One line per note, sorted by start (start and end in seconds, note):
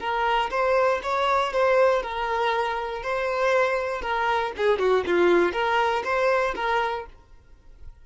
0.00 0.50 A#4
0.51 1.01 C5
1.03 1.53 C#5
1.53 2.03 C5
2.03 3.03 A#4
3.03 4.02 C5
4.02 4.52 A#4
4.57 4.79 G#4
4.79 5.04 F#4
5.07 5.53 F4
5.53 6.03 A#4
6.04 6.55 C5
6.55 7.06 A#4